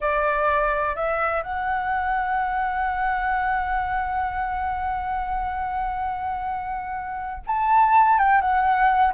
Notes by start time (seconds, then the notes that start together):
0.00 D5
0.95 E5
1.42 F#5
7.47 A5
8.18 G5
8.41 F#5